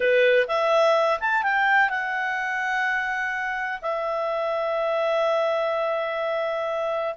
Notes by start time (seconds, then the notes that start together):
0.00 B4
0.47 E5
1.20 A5
1.42 G5
1.89 F#5
3.81 E5